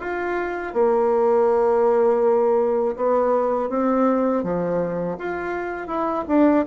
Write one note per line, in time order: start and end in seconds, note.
0.00 0.74 F4
0.74 2.96 A#3
2.96 3.70 B3
3.70 4.44 C4
4.44 5.18 F3
5.19 5.88 F4
5.88 6.25 E4
6.28 6.65 D4